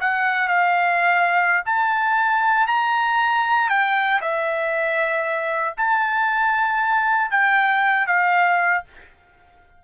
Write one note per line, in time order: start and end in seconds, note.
0.00 0.48 F#5
0.48 1.63 F5
1.65 2.67 A5
2.67 3.69 A#5
3.69 4.20 G5
4.21 5.74 E5
5.77 7.31 A5
7.31 8.07 G5
8.07 8.83 F5